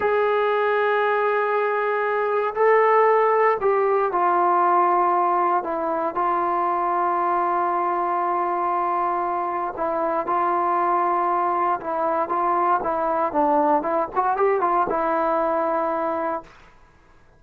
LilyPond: \new Staff \with { instrumentName = "trombone" } { \time 4/4 \tempo 4 = 117 gis'1~ | gis'4 a'2 g'4 | f'2. e'4 | f'1~ |
f'2. e'4 | f'2. e'4 | f'4 e'4 d'4 e'8 fis'8 | g'8 f'8 e'2. | }